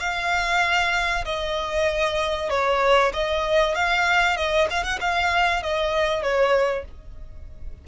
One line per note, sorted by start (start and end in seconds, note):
0.00 1.25 F5
1.25 2.50 D#5
2.50 3.12 C#5
3.14 3.75 D#5
3.75 4.37 F5
4.37 4.68 D#5
4.70 4.84 F5
4.84 4.99 F#5
5.01 5.62 F5
5.62 6.22 D#5
6.22 6.85 C#5